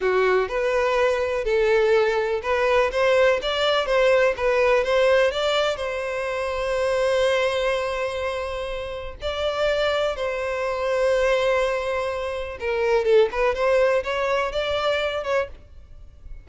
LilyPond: \new Staff \with { instrumentName = "violin" } { \time 4/4 \tempo 4 = 124 fis'4 b'2 a'4~ | a'4 b'4 c''4 d''4 | c''4 b'4 c''4 d''4 | c''1~ |
c''2. d''4~ | d''4 c''2.~ | c''2 ais'4 a'8 b'8 | c''4 cis''4 d''4. cis''8 | }